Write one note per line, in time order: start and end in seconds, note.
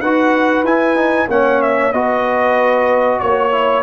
0.00 0.63 D#4
0.00 0.66 F#4
0.00 1.28 B4
0.00 0.65 F#5
0.63 1.27 E4
0.63 0.96 E4
0.63 1.29 G#5
0.96 1.28 D#4
1.28 1.92 A#3
1.28 1.94 C#4
1.28 1.92 C#5
1.28 1.62 F#5
1.62 1.92 E5
1.92 3.20 B3
1.92 3.51 F#4
1.92 3.20 B4
1.92 3.20 D#5
3.20 3.83 A#3
3.20 3.83 C#5
3.51 3.83 E4